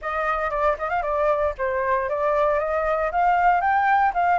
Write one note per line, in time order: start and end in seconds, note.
0.01 0.50 D#5
0.50 0.76 D5
0.78 0.89 D#5
0.89 1.02 F5
1.02 1.54 D5
1.58 2.09 C5
2.09 2.59 D5
2.59 3.11 D#5
3.11 3.60 F5
3.60 4.12 G5
4.14 4.39 F5